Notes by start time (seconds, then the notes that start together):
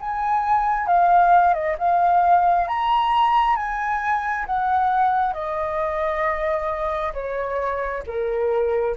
0.00 G#5
0.87 F5
1.53 D#5
1.78 F5
2.67 A#5
3.56 G#5
4.46 F#5
5.33 D#5
7.13 C#5
8.06 A#4